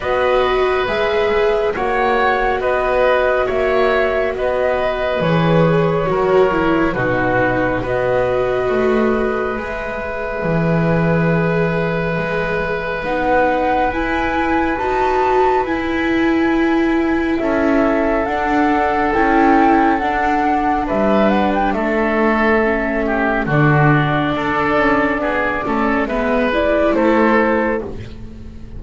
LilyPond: <<
  \new Staff \with { instrumentName = "flute" } { \time 4/4 \tempo 4 = 69 dis''4 e''4 fis''4 dis''4 | e''4 dis''4 cis''2 | b'4 dis''2 e''4~ | e''2. fis''4 |
gis''4 a''4 gis''2 | e''4 fis''4 g''4 fis''4 | e''8 fis''16 g''16 e''2 d''4~ | d''2 e''8 d''8 c''4 | }
  \new Staff \with { instrumentName = "oboe" } { \time 4/4 b'2 cis''4 b'4 | cis''4 b'2 ais'4 | fis'4 b'2.~ | b'1~ |
b'1 | a'1 | b'4 a'4. g'8 fis'4 | a'4 gis'8 a'8 b'4 a'4 | }
  \new Staff \with { instrumentName = "viola" } { \time 4/4 fis'4 gis'4 fis'2~ | fis'2 gis'4 fis'8 e'8 | dis'4 fis'2 gis'4~ | gis'2. dis'4 |
e'4 fis'4 e'2~ | e'4 d'4 e'4 d'4~ | d'2 cis'4 d'4~ | d'4. cis'8 b8 e'4. | }
  \new Staff \with { instrumentName = "double bass" } { \time 4/4 b4 gis4 ais4 b4 | ais4 b4 e4 fis4 | b,4 b4 a4 gis4 | e2 gis4 b4 |
e'4 dis'4 e'2 | cis'4 d'4 cis'4 d'4 | g4 a2 d4 | d'8 cis'8 b8 a8 gis4 a4 | }
>>